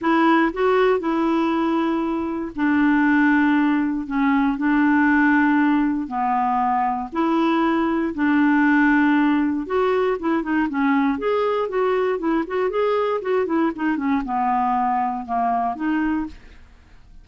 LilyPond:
\new Staff \with { instrumentName = "clarinet" } { \time 4/4 \tempo 4 = 118 e'4 fis'4 e'2~ | e'4 d'2. | cis'4 d'2. | b2 e'2 |
d'2. fis'4 | e'8 dis'8 cis'4 gis'4 fis'4 | e'8 fis'8 gis'4 fis'8 e'8 dis'8 cis'8 | b2 ais4 dis'4 | }